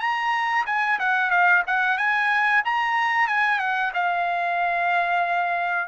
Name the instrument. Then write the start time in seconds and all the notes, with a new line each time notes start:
trumpet
0.00 A#5
0.66 G#5
0.99 F#5
1.30 F5
1.67 F#5
1.97 G#5
2.65 A#5
3.27 G#5
3.59 F#5
3.94 F5